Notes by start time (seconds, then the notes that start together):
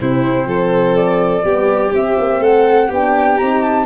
0.00 C3 C4 E4 C5
0.45 F3 A4
0.95 D5
1.43 G3 B3 G4
1.92 C4 E5
2.18 A#3
2.40 A3 A4 F#5
2.87 B3 D4 G4
2.94 G5
3.37 C4 D#4 A#5
3.62 A5